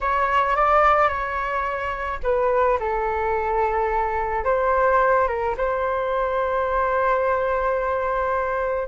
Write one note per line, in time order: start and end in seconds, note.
0.01 0.56 C#5
0.56 1.08 D5
1.08 2.19 C#5
2.23 2.78 B4
2.79 4.44 A4
4.44 5.27 C5
5.27 5.55 A#4
5.57 8.88 C5